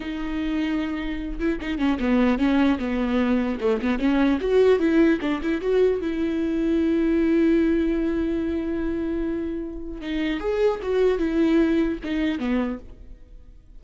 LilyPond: \new Staff \with { instrumentName = "viola" } { \time 4/4 \tempo 4 = 150 dis'2.~ dis'8 e'8 | dis'8 cis'8 b4 cis'4 b4~ | b4 a8 b8 cis'4 fis'4 | e'4 d'8 e'8 fis'4 e'4~ |
e'1~ | e'1~ | e'4 dis'4 gis'4 fis'4 | e'2 dis'4 b4 | }